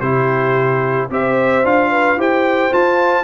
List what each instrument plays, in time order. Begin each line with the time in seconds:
0.00 tuba C3, trombone E4, horn G4, trumpet C5
1.10 tuba C4, trombone G4, horn C5, trumpet E5
1.64 tuba D4, trombone F4, trumpet F5
1.90 horn B4
2.16 tuba E4, trombone G4, horn C5, trumpet G5
2.71 trombone F4, tuba F4, trumpet A5